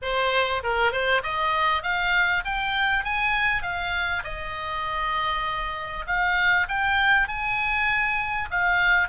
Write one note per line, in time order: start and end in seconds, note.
0.02 0.62 C5
0.63 0.91 A#4
0.91 1.22 C5
1.23 1.82 D#5
1.82 2.43 F5
2.44 3.04 G5
3.04 3.62 G#5
3.62 4.23 F5
4.23 6.05 D#5
6.06 6.67 F5
6.68 7.28 G5
7.28 8.49 G#5
8.50 9.08 F5